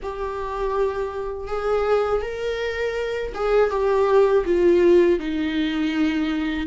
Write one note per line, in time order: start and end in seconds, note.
0.02 1.47 G4
1.47 2.21 G#4
2.21 3.32 A#4
3.34 3.70 G#4
3.70 4.44 G4
4.45 5.19 F4
5.19 6.67 D#4